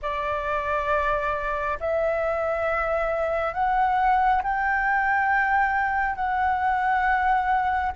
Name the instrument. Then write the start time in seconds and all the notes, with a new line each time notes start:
flute
0.02 D5
1.80 E5
3.53 F#5
4.42 G5
6.15 F#5